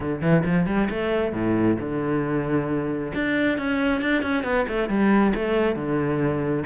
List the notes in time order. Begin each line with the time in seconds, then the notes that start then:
0.00 D3
0.21 E3
0.45 F3
0.66 G3
0.89 A3
1.33 A2
1.79 D3
3.14 D4
3.58 C#4
4.01 D4
4.22 C#4
4.43 B3
4.67 A3
4.88 G3
5.35 A3
5.75 D3